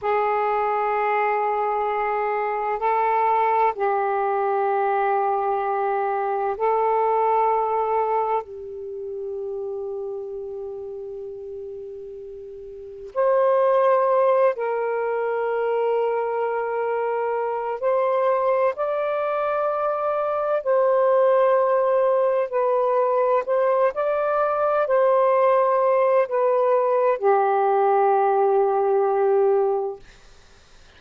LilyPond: \new Staff \with { instrumentName = "saxophone" } { \time 4/4 \tempo 4 = 64 gis'2. a'4 | g'2. a'4~ | a'4 g'2.~ | g'2 c''4. ais'8~ |
ais'2. c''4 | d''2 c''2 | b'4 c''8 d''4 c''4. | b'4 g'2. | }